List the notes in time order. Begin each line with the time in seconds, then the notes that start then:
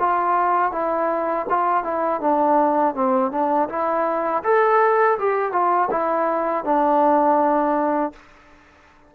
0.00 F4
0.72 E4
1.50 F4
1.84 E4
2.21 D4
2.95 C4
3.32 D4
3.69 E4
4.44 A4
5.19 G4
5.53 F4
5.91 E4
6.65 D4